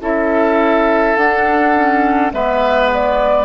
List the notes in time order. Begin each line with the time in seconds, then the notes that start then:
0.00 C#4 E4 A4 E5
1.16 D4 F#5
1.74 C#4
2.32 G#3 B3 B4 E5
2.93 D5